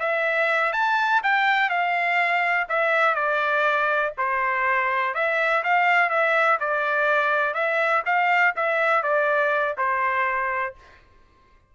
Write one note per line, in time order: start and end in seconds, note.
0.00 0.73 E5
0.73 1.22 A5
1.23 1.70 G5
1.70 2.67 F5
2.69 3.15 E5
3.15 4.13 D5
4.18 5.14 C5
5.14 5.63 E5
5.64 6.10 F5
6.10 6.59 E5
6.60 7.54 D5
7.54 8.03 E5
8.06 8.55 F5
8.56 9.03 E5
9.03 9.76 D5
9.78 10.75 C5